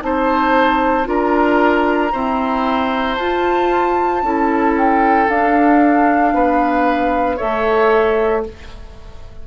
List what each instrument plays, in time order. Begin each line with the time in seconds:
0.00 bassoon C4, clarinet D#4, oboe C5, flute A5
1.04 bassoon D4, clarinet F4, oboe A#4, flute A#5
2.12 clarinet C4, bassoon E4, oboe C5
3.15 bassoon F4, clarinet F4, flute A5
4.22 bassoon C#4, clarinet E4, oboe A4
4.77 flute G5
5.29 bassoon D4, clarinet D4, flute F5
6.34 bassoon B3, oboe B4
7.36 bassoon A3, clarinet A4, oboe C#5, flute E5